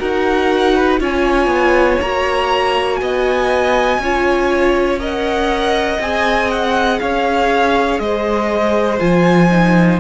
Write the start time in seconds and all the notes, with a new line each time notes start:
0.00 D#4 F#4 A#4 F#5
0.75 B4
1.00 C#4 F4 C#5 G#5
1.47 B3
2.02 A#3 F#4 A#5
2.97 B3 D#5 G#5
3.99 C#4 F4 C#5
5.00 A#4 D#5 F#5
6.00 C4 G#4 G#5
6.51 F#5
7.00 C#4 C#5 F5
8.00 G#3 C5 D#5
9.00 F3 F4 G#5
9.51 D#4